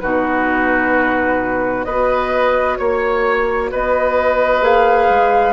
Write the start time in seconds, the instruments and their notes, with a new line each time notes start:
0.00 bassoon B2, clarinet D#4, oboe F#4, flute B4
1.84 bassoon B3, clarinet F#4, oboe B4, flute D#5
2.77 bassoon A#3, flute C#5, oboe C#5
3.71 bassoon B3, oboe B4, flute D#5
4.62 bassoon A#3, clarinet G#4, flute F5
5.09 bassoon G#3